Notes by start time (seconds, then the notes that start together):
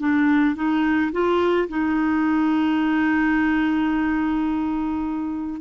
0.00 D4
0.55 D#4
1.12 F4
1.69 D#4